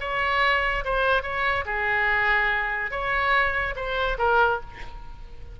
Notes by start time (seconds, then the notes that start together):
0.00 C#5
0.84 C5
1.22 C#5
1.65 G#4
2.91 C#5
3.75 C5
4.18 A#4